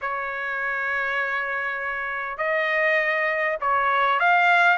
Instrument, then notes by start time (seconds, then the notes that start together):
trumpet
0.01 C#5
2.37 D#5
3.60 C#5
4.19 F5